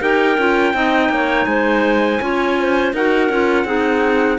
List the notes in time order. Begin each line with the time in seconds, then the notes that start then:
0.00 D#4 G4 A#4 G5
0.37 C#4 F4
0.73 C4 D#4 D#5
1.09 A#3 C#5
1.45 G#3 C5 G#5
2.20 C#4 F4 C#5
2.59 C5
2.92 D#4 F#4 A#4 F#5
3.29 C#4 F4
3.64 C4 D#4 G#4